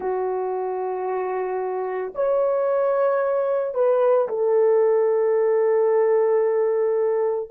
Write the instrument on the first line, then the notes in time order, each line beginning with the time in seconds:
horn
0.00 F#4
2.14 C#5
3.74 B4
4.28 A4